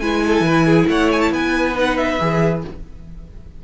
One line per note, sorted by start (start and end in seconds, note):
0.00 0.41 G#3
0.00 1.75 E4
0.00 0.24 B4
0.00 0.87 G#5
0.26 0.47 A4
0.41 0.85 E3
0.41 0.67 B4
0.67 0.88 G#4
0.88 1.32 A3
0.88 1.34 C#5
0.88 1.12 F#5
1.12 1.21 G#5
1.21 1.32 A5
1.32 2.19 B3
1.32 2.64 B4
1.32 1.77 G#5
1.75 2.19 D#4
1.75 1.98 F#5
1.98 2.63 E5
2.21 2.65 E3
2.21 2.64 G#4